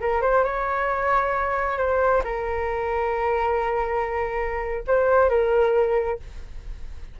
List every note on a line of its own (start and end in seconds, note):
0.00 0.22 A#4
0.22 0.44 C5
0.44 1.77 C#5
1.77 2.22 C5
2.24 4.83 A#4
4.87 5.29 C5
5.29 6.19 A#4